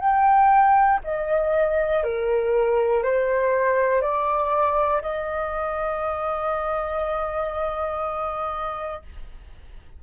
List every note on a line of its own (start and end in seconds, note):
0.00 1.00 G5
1.04 2.04 D#5
2.04 3.04 A#4
3.04 4.02 C5
4.02 5.02 D5
5.03 9.03 D#5